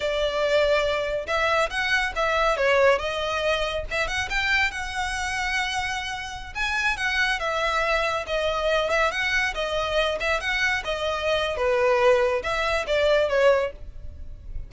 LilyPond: \new Staff \with { instrumentName = "violin" } { \time 4/4 \tempo 4 = 140 d''2. e''4 | fis''4 e''4 cis''4 dis''4~ | dis''4 e''8 fis''8 g''4 fis''4~ | fis''2.~ fis''16 gis''8.~ |
gis''16 fis''4 e''2 dis''8.~ | dis''8. e''8 fis''4 dis''4. e''16~ | e''16 fis''4 dis''4.~ dis''16 b'4~ | b'4 e''4 d''4 cis''4 | }